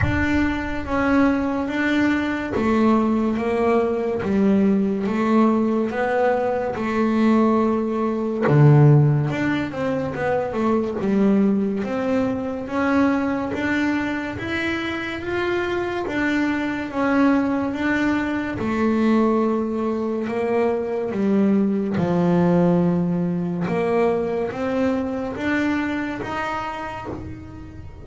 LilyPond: \new Staff \with { instrumentName = "double bass" } { \time 4/4 \tempo 4 = 71 d'4 cis'4 d'4 a4 | ais4 g4 a4 b4 | a2 d4 d'8 c'8 | b8 a8 g4 c'4 cis'4 |
d'4 e'4 f'4 d'4 | cis'4 d'4 a2 | ais4 g4 f2 | ais4 c'4 d'4 dis'4 | }